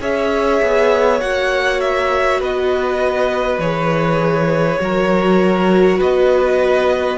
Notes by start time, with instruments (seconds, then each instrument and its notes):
0.00 cello C#4, viola G#4, violin C#5 E5
0.62 cello B3
1.20 cello A#3, viola F#4, violin F#5
1.80 violin E5
2.40 cello B3, violin B4 D#5
3.58 cello E3, viola G#4, violin C#5
4.79 cello F#3, viola F#4, violin A#4
5.98 cello B3, violin B4 D#5